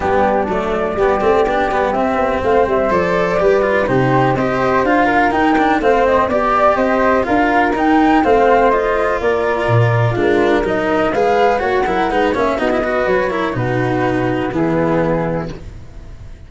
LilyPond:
<<
  \new Staff \with { instrumentName = "flute" } { \time 4/4 \tempo 4 = 124 g'4 d''2. | e''4 f''8 e''8 d''2 | c''4 dis''4 f''4 g''4 | f''8 dis''8 d''4 dis''4 f''4 |
g''4 f''4 dis''4 d''4~ | d''4 ais'4 dis''4 f''4 | fis''4. e''8 dis''4 cis''4 | b'2 gis'2 | }
  \new Staff \with { instrumentName = "flute" } { \time 4/4 d'2 g'2~ | g'4 c''2 b'4 | g'4 c''4. ais'4. | c''4 d''4 c''4 ais'4~ |
ais'4 c''2 ais'4~ | ais'4 f'4 ais'4 b'4 | cis''8 ais'8 b'8 cis''8 fis'8 b'4 ais'8 | fis'2 e'2 | }
  \new Staff \with { instrumentName = "cello" } { \time 4/4 b4 a4 b8 c'8 d'8 b8 | c'2 a'4 g'8 f'8 | dis'4 g'4 f'4 dis'8 d'8 | c'4 g'2 f'4 |
dis'4 c'4 f'2~ | f'4 d'4 dis'4 gis'4 | fis'8 e'8 dis'8 cis'8 dis'16 e'16 fis'4 e'8 | dis'2 b2 | }
  \new Staff \with { instrumentName = "tuba" } { \time 4/4 g4 fis4 g8 a8 b8 g8 | c'8 b8 a8 g8 f4 g4 | c4 c'4 d'4 dis'4 | a4 b4 c'4 d'4 |
dis'4 a2 ais4 | ais,4 gis4 fis4 gis4 | ais8 fis8 gis8 ais8 b4 fis4 | b,2 e2 | }
>>